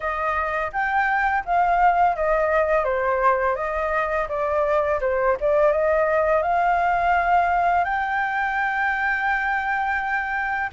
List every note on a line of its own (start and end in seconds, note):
0.00 0.71 D#5
0.72 1.44 G5
1.45 2.16 F5
2.16 2.84 D#5
2.84 3.55 C5
3.55 4.27 D#5
4.28 5.00 D5
5.01 5.36 C5
5.40 5.72 D5
5.72 6.42 D#5
6.42 7.84 F5
7.84 10.70 G5